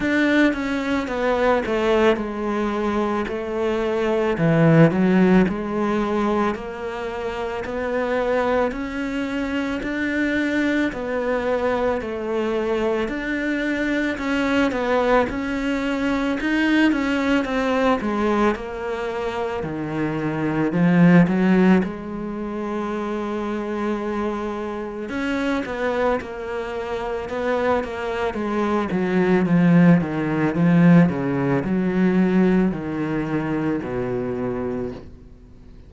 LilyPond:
\new Staff \with { instrumentName = "cello" } { \time 4/4 \tempo 4 = 55 d'8 cis'8 b8 a8 gis4 a4 | e8 fis8 gis4 ais4 b4 | cis'4 d'4 b4 a4 | d'4 cis'8 b8 cis'4 dis'8 cis'8 |
c'8 gis8 ais4 dis4 f8 fis8 | gis2. cis'8 b8 | ais4 b8 ais8 gis8 fis8 f8 dis8 | f8 cis8 fis4 dis4 b,4 | }